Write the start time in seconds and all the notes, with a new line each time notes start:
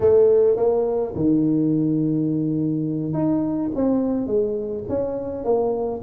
0.00 A3
0.56 A#3
1.15 D#3
3.13 D#4
3.75 C4
4.26 G#3
4.88 C#4
5.44 A#3